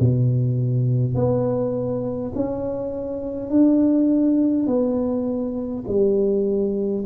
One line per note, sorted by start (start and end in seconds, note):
0.00 1.14 B2
1.14 2.32 B3
2.35 3.50 C#4
3.50 4.66 D4
4.66 5.84 B3
5.87 7.05 G3